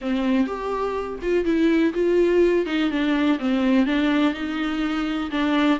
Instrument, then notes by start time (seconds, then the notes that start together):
viola
0.01 C4
0.46 G4
1.22 F4
1.45 E4
1.93 F4
2.66 D#4
2.90 D4
3.39 C4
3.86 D4
4.33 D#4
5.30 D4